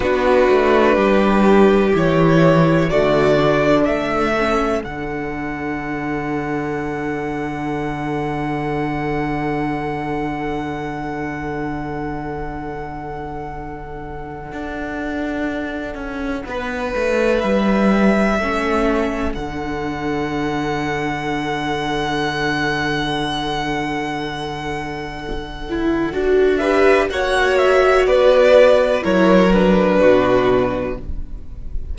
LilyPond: <<
  \new Staff \with { instrumentName = "violin" } { \time 4/4 \tempo 4 = 62 b'2 cis''4 d''4 | e''4 fis''2.~ | fis''1~ | fis''1~ |
fis''2 e''2 | fis''1~ | fis''2.~ fis''8 e''8 | fis''8 e''8 d''4 cis''8 b'4. | }
  \new Staff \with { instrumentName = "violin" } { \time 4/4 fis'4 g'2 fis'4 | a'1~ | a'1~ | a'1~ |
a'4 b'2 a'4~ | a'1~ | a'2.~ a'8 b'8 | cis''4 b'4 ais'4 fis'4 | }
  \new Staff \with { instrumentName = "viola" } { \time 4/4 d'2 e'4 a8 d'8~ | d'8 cis'8 d'2.~ | d'1~ | d'1~ |
d'2. cis'4 | d'1~ | d'2~ d'8 e'8 fis'8 g'8 | fis'2 e'8 d'4. | }
  \new Staff \with { instrumentName = "cello" } { \time 4/4 b8 a8 g4 e4 d4 | a4 d2.~ | d1~ | d2. d'4~ |
d'8 cis'8 b8 a8 g4 a4 | d1~ | d2. d'4 | ais4 b4 fis4 b,4 | }
>>